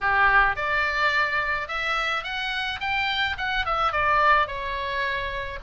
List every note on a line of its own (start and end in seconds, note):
0.00 0.56 G4
0.56 1.68 D5
1.68 2.23 E5
2.23 2.79 F#5
2.80 3.36 G5
3.37 3.65 F#5
3.65 3.92 E5
3.92 4.47 D5
4.47 5.59 C#5